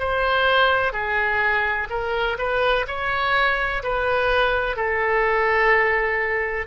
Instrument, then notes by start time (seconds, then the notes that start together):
oboe
0.00 C5
0.93 G#4
1.90 A#4
2.39 B4
2.88 C#5
3.84 B4
4.77 A4